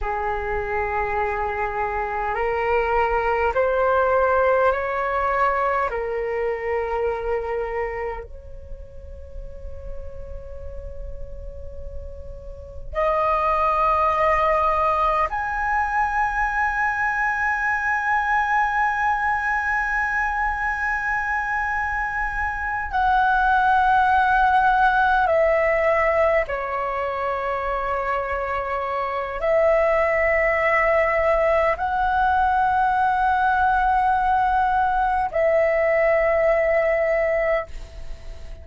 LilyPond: \new Staff \with { instrumentName = "flute" } { \time 4/4 \tempo 4 = 51 gis'2 ais'4 c''4 | cis''4 ais'2 cis''4~ | cis''2. dis''4~ | dis''4 gis''2.~ |
gis''2.~ gis''8 fis''8~ | fis''4. e''4 cis''4.~ | cis''4 e''2 fis''4~ | fis''2 e''2 | }